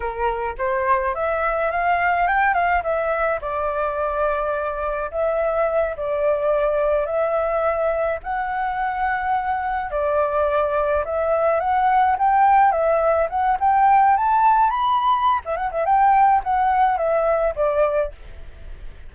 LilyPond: \new Staff \with { instrumentName = "flute" } { \time 4/4 \tempo 4 = 106 ais'4 c''4 e''4 f''4 | g''8 f''8 e''4 d''2~ | d''4 e''4. d''4.~ | d''8 e''2 fis''4.~ |
fis''4. d''2 e''8~ | e''8 fis''4 g''4 e''4 fis''8 | g''4 a''4 b''4~ b''16 e''16 fis''16 e''16 | g''4 fis''4 e''4 d''4 | }